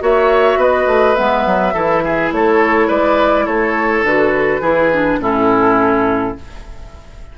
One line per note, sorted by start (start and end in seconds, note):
0.00 0.56 A#3
0.00 1.15 F#4
0.00 0.59 C#5
0.00 0.62 E5
0.56 0.85 B3
0.56 1.74 B4
0.56 1.15 D#5
0.86 1.15 A3
1.15 1.46 G#3
1.15 1.73 B3
1.15 2.30 E5
1.46 1.74 F#3
1.74 2.32 E3
1.74 4.06 E4
1.74 2.02 A4
2.04 2.33 G#4
2.32 2.89 A3
2.32 2.87 A4
2.32 2.89 C#5
2.87 3.46 G#3
2.87 3.45 B4
2.87 3.46 D5
3.46 4.02 A3
3.46 4.61 A4
3.46 4.04 C#5
4.02 4.60 D3
4.02 4.62 F#4
4.02 5.21 B4
4.61 5.19 E3
4.61 4.91 E4
4.61 5.19 G#4
4.93 5.21 D4
5.19 6.34 A2
5.19 6.36 C#4
5.19 6.37 E4
5.19 6.38 A4